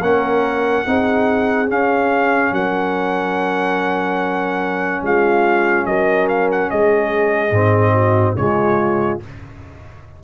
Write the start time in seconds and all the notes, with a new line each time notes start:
0.00 A#3 C#4 A#4 F#5
0.85 C4 D#4 G#4
1.67 C#4 F5
2.51 F#3 A#4 F#5
5.02 G#3 F4 F5
5.86 F#3 A#4 D#5
6.29 F5
6.51 F#5
6.70 G#3 G#4 D#5
7.51 G#2 C4
7.93 F#4
8.36 C#3 G#3 F4 C#5